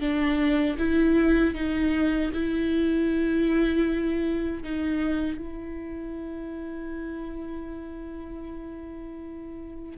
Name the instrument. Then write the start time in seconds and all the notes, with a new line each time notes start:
viola
0.00 D4
0.78 E4
1.54 D#4
2.34 E4
4.63 D#4
5.37 E4